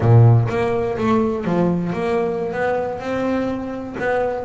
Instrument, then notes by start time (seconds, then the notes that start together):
double bass
0.00 A#2
0.49 A#3
0.97 A3
1.44 F3
1.92 A#3
2.52 B3
2.99 C4
3.99 B3